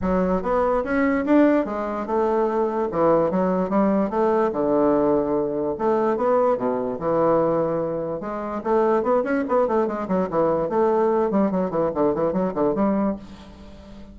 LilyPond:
\new Staff \with { instrumentName = "bassoon" } { \time 4/4 \tempo 4 = 146 fis4 b4 cis'4 d'4 | gis4 a2 e4 | fis4 g4 a4 d4~ | d2 a4 b4 |
b,4 e2. | gis4 a4 b8 cis'8 b8 a8 | gis8 fis8 e4 a4. g8 | fis8 e8 d8 e8 fis8 d8 g4 | }